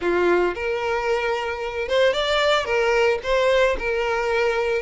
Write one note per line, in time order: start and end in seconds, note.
0.01 0.54 F4
0.55 1.88 A#4
1.88 2.13 C5
2.13 2.65 D5
2.65 3.19 A#4
3.23 3.76 C5
3.78 4.81 A#4